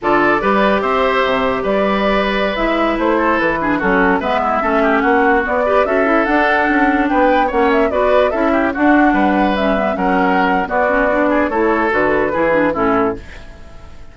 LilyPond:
<<
  \new Staff \with { instrumentName = "flute" } { \time 4/4 \tempo 4 = 146 d''2 e''2 | d''2~ d''16 e''4 c''8.~ | c''16 b'4 a'4 e''4.~ e''16~ | e''16 fis''4 d''4 e''4 fis''8.~ |
fis''4~ fis''16 g''4 fis''8 e''8 d''8.~ | d''16 e''4 fis''2 e''8.~ | e''16 fis''4.~ fis''16 d''2 | cis''4 b'2 a'4 | }
  \new Staff \with { instrumentName = "oboe" } { \time 4/4 a'4 b'4 c''2 | b'2.~ b'8. a'16~ | a'8. gis'8 fis'4 b'8 e'8 a'8 g'16~ | g'16 fis'4. b'8 a'4.~ a'16~ |
a'4~ a'16 b'4 cis''4 b'8.~ | b'16 a'8 g'8 fis'4 b'4.~ b'16~ | b'16 ais'4.~ ais'16 fis'4. gis'8 | a'2 gis'4 e'4 | }
  \new Staff \with { instrumentName = "clarinet" } { \time 4/4 f'4 g'2.~ | g'2~ g'16 e'4.~ e'16~ | e'8. d'8 cis'4 b4 cis'8.~ | cis'4~ cis'16 b8 g'8 fis'8 e'8 d'8.~ |
d'2~ d'16 cis'4 fis'8.~ | fis'16 e'4 d'2 cis'8 b16~ | b16 cis'4.~ cis'16 b8 cis'8 d'4 | e'4 fis'4 e'8 d'8 cis'4 | }
  \new Staff \with { instrumentName = "bassoon" } { \time 4/4 d4 g4 c'4 c4 | g2~ g16 gis4 a8.~ | a16 e4 fis4 gis4 a8.~ | a16 ais4 b4 cis'4 d'8.~ |
d'16 cis'4 b4 ais4 b8.~ | b16 cis'4 d'4 g4.~ g16~ | g16 fis4.~ fis16 b2 | a4 d4 e4 a,4 | }
>>